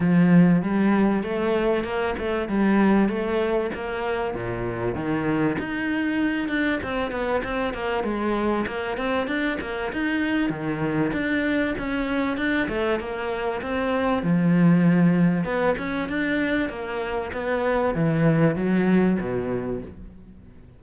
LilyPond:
\new Staff \with { instrumentName = "cello" } { \time 4/4 \tempo 4 = 97 f4 g4 a4 ais8 a8 | g4 a4 ais4 ais,4 | dis4 dis'4. d'8 c'8 b8 | c'8 ais8 gis4 ais8 c'8 d'8 ais8 |
dis'4 dis4 d'4 cis'4 | d'8 a8 ais4 c'4 f4~ | f4 b8 cis'8 d'4 ais4 | b4 e4 fis4 b,4 | }